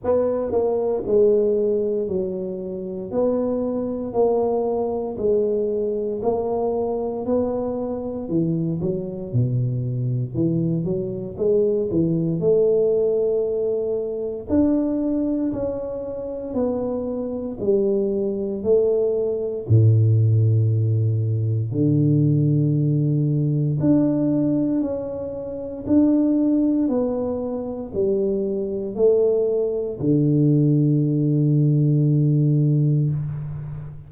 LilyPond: \new Staff \with { instrumentName = "tuba" } { \time 4/4 \tempo 4 = 58 b8 ais8 gis4 fis4 b4 | ais4 gis4 ais4 b4 | e8 fis8 b,4 e8 fis8 gis8 e8 | a2 d'4 cis'4 |
b4 g4 a4 a,4~ | a,4 d2 d'4 | cis'4 d'4 b4 g4 | a4 d2. | }